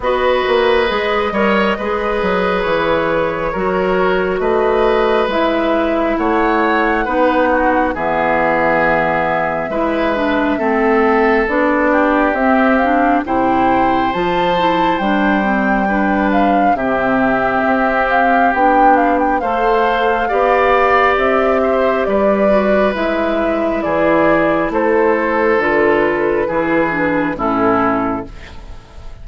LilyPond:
<<
  \new Staff \with { instrumentName = "flute" } { \time 4/4 \tempo 4 = 68 dis''2. cis''4~ | cis''4 dis''4 e''4 fis''4~ | fis''4 e''2.~ | e''4 d''4 e''8 f''8 g''4 |
a''4 g''4. f''8 e''4~ | e''8 f''8 g''8 f''16 g''16 f''2 | e''4 d''4 e''4 d''4 | c''4 b'2 a'4 | }
  \new Staff \with { instrumentName = "oboe" } { \time 4/4 b'4. cis''8 b'2 | ais'4 b'2 cis''4 | b'8 fis'8 gis'2 b'4 | a'4. g'4. c''4~ |
c''2 b'4 g'4~ | g'2 c''4 d''4~ | d''8 c''8 b'2 gis'4 | a'2 gis'4 e'4 | }
  \new Staff \with { instrumentName = "clarinet" } { \time 4/4 fis'4 gis'8 ais'8 gis'2 | fis'2 e'2 | dis'4 b2 e'8 d'8 | c'4 d'4 c'8 d'8 e'4 |
f'8 e'8 d'8 c'8 d'4 c'4~ | c'4 d'4 a'4 g'4~ | g'4. fis'8 e'2~ | e'4 f'4 e'8 d'8 cis'4 | }
  \new Staff \with { instrumentName = "bassoon" } { \time 4/4 b8 ais8 gis8 g8 gis8 fis8 e4 | fis4 a4 gis4 a4 | b4 e2 gis4 | a4 b4 c'4 c4 |
f4 g2 c4 | c'4 b4 a4 b4 | c'4 g4 gis4 e4 | a4 d4 e4 a,4 | }
>>